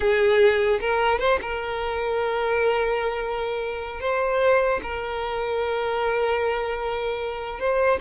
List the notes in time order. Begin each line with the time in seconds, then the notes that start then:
0.00 G#4
0.80 A#4
1.19 C5
1.41 A#4
4.00 C5
4.82 A#4
7.59 C5